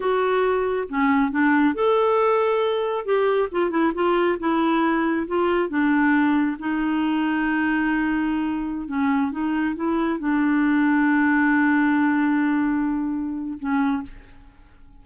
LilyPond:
\new Staff \with { instrumentName = "clarinet" } { \time 4/4 \tempo 4 = 137 fis'2 cis'4 d'4 | a'2. g'4 | f'8 e'8 f'4 e'2 | f'4 d'2 dis'4~ |
dis'1~ | dis'16 cis'4 dis'4 e'4 d'8.~ | d'1~ | d'2. cis'4 | }